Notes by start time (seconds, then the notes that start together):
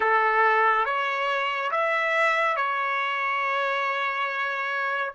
0.00 A4
0.85 C#5
1.71 E5
2.56 C#5